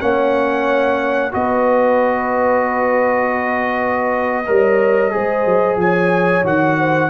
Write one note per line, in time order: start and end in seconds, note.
0.00 1.33 A#3
0.00 1.31 C#4
0.00 1.32 C#5
0.00 1.32 F#5
1.31 4.48 B3
1.31 4.44 F#4
1.31 4.46 B4
1.31 5.78 D#5
4.46 5.14 G3
4.46 5.10 A#4
4.46 5.13 C#5
5.10 5.45 G#3
5.10 6.42 G#4
5.10 5.80 C5
5.45 5.76 F#3
5.76 6.42 F3
5.76 6.78 C#5
5.76 6.45 G#5
6.43 7.09 D#3
6.43 7.09 F#4
6.43 7.09 F#5
6.78 7.09 C5